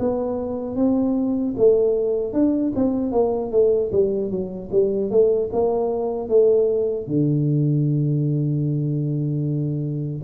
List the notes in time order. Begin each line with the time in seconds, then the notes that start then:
0.00 B3
0.76 C4
1.57 A3
2.33 D4
2.76 C4
3.12 A#3
3.52 A3
3.92 G3
4.31 F#3
4.72 G3
5.11 A3
5.53 A#3
6.29 A3
7.07 D3